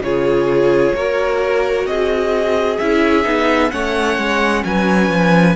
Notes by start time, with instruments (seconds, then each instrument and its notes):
0.00 cello C#3, viola F4, violin G#4 C#5
0.95 cello A#3, viola F#4, violin A#4
1.86 cello C4, violin G#4 D#5
2.79 cello C#4, viola E4, violin E5
3.23 cello B3, viola D#4
3.70 cello A3, viola C#4, violin C#5 F#5
4.18 cello G#3
4.64 cello F#3, violin B4 G#5
5.09 cello F3